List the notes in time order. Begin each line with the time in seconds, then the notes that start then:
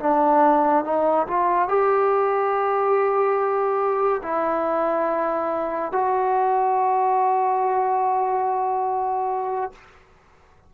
0.00 D4
0.85 D#4
1.28 F4
1.69 G4
4.23 E4
5.92 F#4